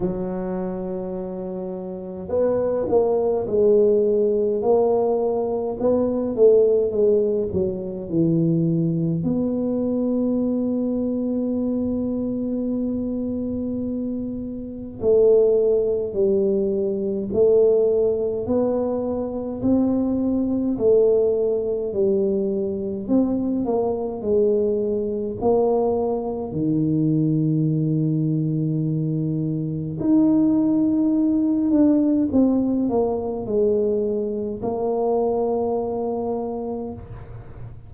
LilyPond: \new Staff \with { instrumentName = "tuba" } { \time 4/4 \tempo 4 = 52 fis2 b8 ais8 gis4 | ais4 b8 a8 gis8 fis8 e4 | b1~ | b4 a4 g4 a4 |
b4 c'4 a4 g4 | c'8 ais8 gis4 ais4 dis4~ | dis2 dis'4. d'8 | c'8 ais8 gis4 ais2 | }